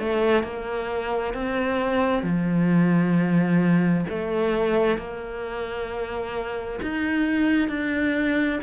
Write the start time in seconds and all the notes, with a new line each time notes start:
0.00 A3
0.44 A#3
1.34 C4
2.24 F3
4.10 A3
4.98 A#3
6.83 D#4
7.69 D4